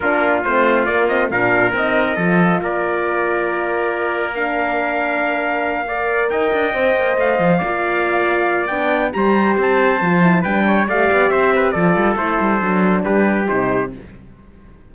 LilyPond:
<<
  \new Staff \with { instrumentName = "trumpet" } { \time 4/4 \tempo 4 = 138 ais'4 c''4 d''8 dis''8 f''4 | dis''2 d''2~ | d''2 f''2~ | f''2~ f''8 g''4.~ |
g''8 f''2.~ f''8 | g''4 ais''4 a''2 | g''4 f''4 e''4 d''4 | c''2 b'4 c''4 | }
  \new Staff \with { instrumentName = "trumpet" } { \time 4/4 f'2. ais'4~ | ais'4 a'4 ais'2~ | ais'1~ | ais'4. d''4 dis''4.~ |
dis''4. d''2~ d''8~ | d''4 c''2. | b'8 cis''8 d''4 c''8 b'8 a'4~ | a'2 g'2 | }
  \new Staff \with { instrumentName = "horn" } { \time 4/4 d'4 c'4 ais8 c'8 d'4 | dis'4 f'2.~ | f'2 d'2~ | d'4. ais'2 c''8~ |
c''4. f'2~ f'8 | d'4 g'2 f'8 e'8 | d'4 g'2 f'4 | e'4 d'2 dis'4 | }
  \new Staff \with { instrumentName = "cello" } { \time 4/4 ais4 a4 ais4 ais,4 | c'4 f4 ais2~ | ais1~ | ais2~ ais8 dis'8 d'8 c'8 |
ais8 a8 f8 ais2~ ais8 | b4 g4 c'4 f4 | g4 a8 b8 c'4 f8 g8 | a8 g8 fis4 g4 c4 | }
>>